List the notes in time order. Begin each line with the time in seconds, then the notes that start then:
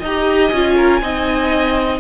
0.00 D#4 D#5 A#5
0.07 G4
0.49 C#4 F4 G#5
0.77 A#4
1.02 C4 D#4 D#5